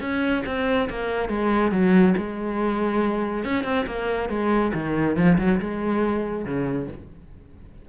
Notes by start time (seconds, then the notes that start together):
0.00 C#4
0.46 C4
0.89 A#3
1.29 G#3
1.71 F#3
2.17 G#3
3.44 C#4
3.64 C4
3.86 A#3
4.29 G#3
4.73 D#3
5.16 F3
5.38 F#3
5.60 G#3
6.45 C#3